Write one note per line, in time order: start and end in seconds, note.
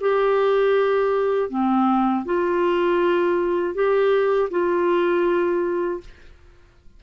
0.00 1.49 G4
1.49 2.24 C4
2.25 3.74 F4
3.74 4.49 G4
4.50 6.00 F4